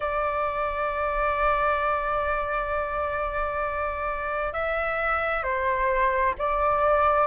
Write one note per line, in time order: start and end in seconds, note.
0.00 4.52 D5
4.52 5.43 E5
5.43 6.33 C5
6.38 7.27 D5